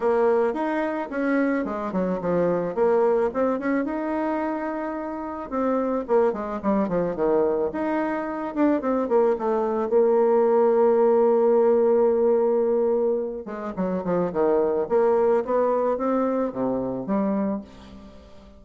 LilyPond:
\new Staff \with { instrumentName = "bassoon" } { \time 4/4 \tempo 4 = 109 ais4 dis'4 cis'4 gis8 fis8 | f4 ais4 c'8 cis'8 dis'4~ | dis'2 c'4 ais8 gis8 | g8 f8 dis4 dis'4. d'8 |
c'8 ais8 a4 ais2~ | ais1~ | ais8 gis8 fis8 f8 dis4 ais4 | b4 c'4 c4 g4 | }